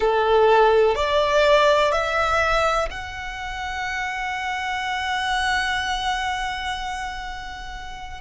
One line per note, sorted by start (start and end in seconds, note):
0.00 0.95 A4
0.95 1.91 D5
1.91 2.88 E5
2.90 8.21 F#5